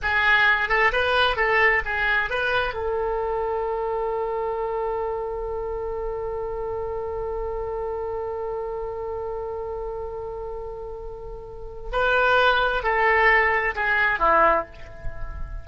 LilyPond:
\new Staff \with { instrumentName = "oboe" } { \time 4/4 \tempo 4 = 131 gis'4. a'8 b'4 a'4 | gis'4 b'4 a'2~ | a'1~ | a'1~ |
a'1~ | a'1~ | a'2 b'2 | a'2 gis'4 e'4 | }